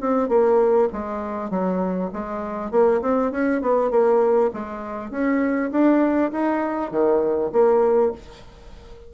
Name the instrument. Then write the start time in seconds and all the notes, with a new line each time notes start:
bassoon
0.00 C4
0.28 A#3
0.92 G#3
1.50 F#3
2.13 G#3
2.71 A#3
3.01 C4
3.31 C#4
3.61 B3
3.91 A#3
4.53 G#3
5.10 C#4
5.71 D4
6.31 D#4
6.91 D#3
7.52 A#3